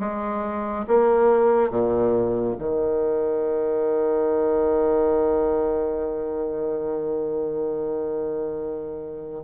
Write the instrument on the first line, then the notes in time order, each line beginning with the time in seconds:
bassoon
0.00 G#3
0.88 A#3
1.70 A#2
2.59 D#3